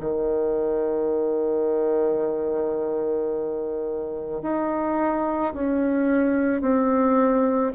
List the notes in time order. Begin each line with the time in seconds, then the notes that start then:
0.00 D#3
4.42 D#4
5.54 C#4
6.61 C4